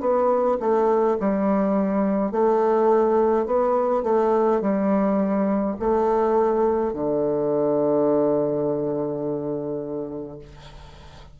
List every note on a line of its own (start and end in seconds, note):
0.00 0.58 B3
0.60 1.17 A3
1.20 2.31 G3
2.31 3.46 A3
3.46 4.03 B3
4.03 4.60 A3
4.60 5.76 G3
5.79 6.93 A3
6.93 10.39 D3